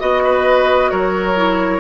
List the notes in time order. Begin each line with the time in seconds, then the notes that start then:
0.00 B3 F#4 D#5
0.24 B4
0.91 F#3 A#4 C#5
1.36 E4